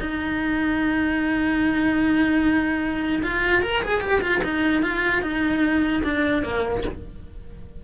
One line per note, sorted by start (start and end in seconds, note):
0.00 3.22 D#4
3.23 3.62 F4
3.62 3.82 A#4
3.82 4.00 G#4
4.00 4.21 G4
4.21 4.41 F4
4.43 4.82 D#4
4.82 5.22 F4
5.22 6.03 D#4
6.03 6.43 D4
6.43 6.83 A#3